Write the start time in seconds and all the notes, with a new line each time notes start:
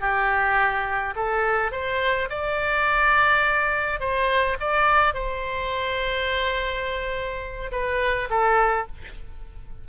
0.00 G4
1.15 A4
1.71 C5
2.29 D5
4.00 C5
4.60 D5
5.14 C5
7.71 B4
8.30 A4